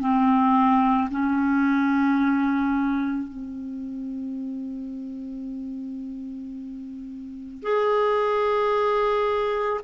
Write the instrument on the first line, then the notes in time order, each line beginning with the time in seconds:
clarinet
0.00 C4
1.10 C#4
3.28 C4
7.63 G#4